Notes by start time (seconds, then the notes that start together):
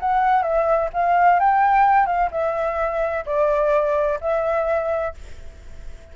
0.00 F#5
0.42 E5
0.93 F5
1.40 G5
2.06 F5
2.31 E5
3.26 D5
4.21 E5